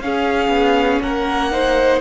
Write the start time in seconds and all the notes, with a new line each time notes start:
0.00 C#4 G#4 F5
0.48 B3
1.02 A#3 A#4 F#5
1.51 D#4 C5